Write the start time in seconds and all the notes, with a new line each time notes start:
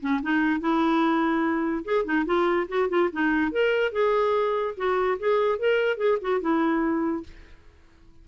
0.00 C#4
0.22 D#4
0.60 E4
1.85 G#4
2.04 D#4
2.26 F4
2.68 F#4
2.89 F4
3.12 D#4
3.51 A#4
3.92 G#4
4.77 F#4
5.19 G#4
5.58 A#4
5.97 G#4
6.21 F#4
6.40 E4